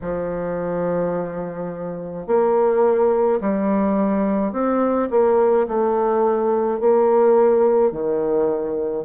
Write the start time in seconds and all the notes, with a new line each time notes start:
0.01 F3
2.26 A#3
3.40 G3
4.52 C4
5.10 A#3
5.67 A3
6.80 A#3
7.91 D#3